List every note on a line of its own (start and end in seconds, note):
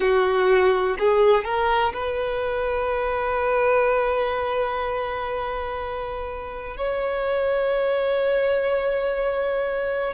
0.00 0.96 F#4
0.99 1.44 G#4
1.44 1.92 A#4
1.93 6.76 B4
6.76 10.13 C#5